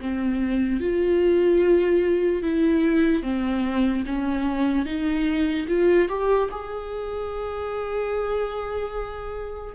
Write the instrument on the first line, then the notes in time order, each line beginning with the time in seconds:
viola
0.00 C4
0.80 F4
2.43 E4
3.23 C4
4.06 C#4
4.85 D#4
5.68 F4
6.09 G4
6.51 G#4